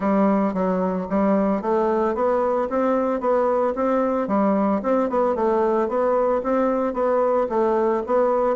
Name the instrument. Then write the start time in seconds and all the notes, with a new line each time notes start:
bassoon
0.00 G3
0.53 F#3
1.09 G3
1.61 A3
2.14 B3
2.69 C4
3.20 B3
3.75 C4
4.27 G3
4.82 C4
5.09 B3
5.35 A3
5.88 B3
6.43 C4
6.93 B3
7.49 A3
8.06 B3